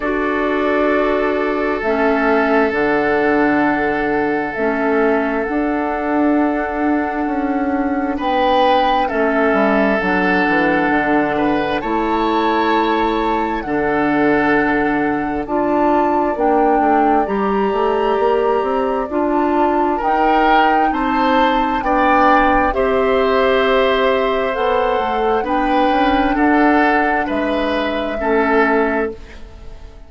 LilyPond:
<<
  \new Staff \with { instrumentName = "flute" } { \time 4/4 \tempo 4 = 66 d''2 e''4 fis''4~ | fis''4 e''4 fis''2~ | fis''4 g''4 e''4 fis''4~ | fis''4 a''2 fis''4~ |
fis''4 a''4 g''4 ais''4~ | ais''4 a''4 g''4 a''4 | g''4 e''2 fis''4 | g''4 fis''4 e''2 | }
  \new Staff \with { instrumentName = "oboe" } { \time 4/4 a'1~ | a'1~ | a'4 b'4 a'2~ | a'8 b'8 cis''2 a'4~ |
a'4 d''2.~ | d''2 ais'4 c''4 | d''4 c''2. | b'4 a'4 b'4 a'4 | }
  \new Staff \with { instrumentName = "clarinet" } { \time 4/4 fis'2 cis'4 d'4~ | d'4 cis'4 d'2~ | d'2 cis'4 d'4~ | d'4 e'2 d'4~ |
d'4 f'4 d'4 g'4~ | g'4 f'4 dis'2 | d'4 g'2 a'4 | d'2. cis'4 | }
  \new Staff \with { instrumentName = "bassoon" } { \time 4/4 d'2 a4 d4~ | d4 a4 d'2 | cis'4 b4 a8 g8 fis8 e8 | d4 a2 d4~ |
d4 d'4 ais8 a8 g8 a8 | ais8 c'8 d'4 dis'4 c'4 | b4 c'2 b8 a8 | b8 cis'8 d'4 gis4 a4 | }
>>